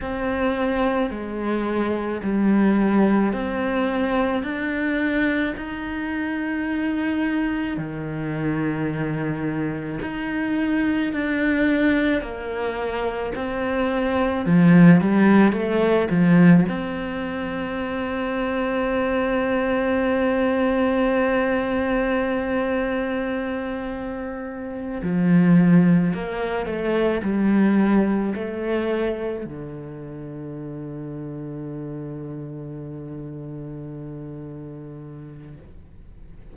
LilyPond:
\new Staff \with { instrumentName = "cello" } { \time 4/4 \tempo 4 = 54 c'4 gis4 g4 c'4 | d'4 dis'2 dis4~ | dis4 dis'4 d'4 ais4 | c'4 f8 g8 a8 f8 c'4~ |
c'1~ | c'2~ c'8 f4 ais8 | a8 g4 a4 d4.~ | d1 | }